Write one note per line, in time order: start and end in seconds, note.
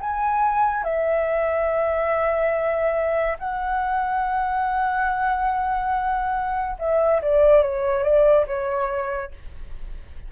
0.00 0.83 G#5
0.83 3.37 E5
3.39 6.77 F#5
6.78 7.21 E5
7.22 7.62 D5
7.62 8.03 C#5
8.03 8.45 D5
8.47 9.31 C#5